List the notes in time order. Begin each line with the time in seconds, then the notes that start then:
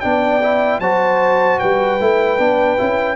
0.00 B3 D4 D5 G5
0.43 E4
0.79 F#3 F#4 C5 A5
1.59 G3 B4 G5
2.00 A3 E4
2.38 B3 D4
2.77 C#4 E4